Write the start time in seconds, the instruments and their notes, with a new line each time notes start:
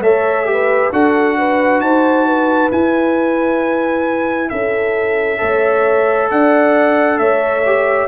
0.00 tuba A3, trombone A4, horn C#5, trumpet E5
0.45 trombone G4
0.51 horn B4
0.92 tuba D4, trombone F#4, horn A4, trumpet F#5
1.38 horn B4
1.79 tuba D#4, horn C5, trumpet A5
2.26 horn B4
2.71 trombone E4, tuba E4, trumpet G#5
4.49 tuba C#4, horn A4, trumpet E5
5.37 tuba A3, trombone A4, horn C#5
6.30 tuba D4, horn D5, trumpet F#5
7.18 tuba A3, horn C#5, trumpet E5
7.65 trombone G4